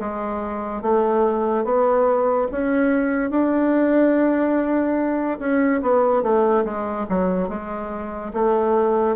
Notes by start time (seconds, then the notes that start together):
0.00 G#3
0.83 A3
1.65 B3
2.52 C#4
3.31 D4
5.40 C#4
5.83 B3
6.23 A3
6.65 G#3
7.10 F#3
7.49 G#3
8.34 A3